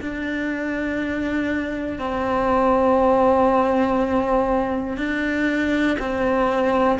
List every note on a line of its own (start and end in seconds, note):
0.00 1.99 D4
1.99 4.97 C4
4.97 5.97 D4
5.99 6.99 C4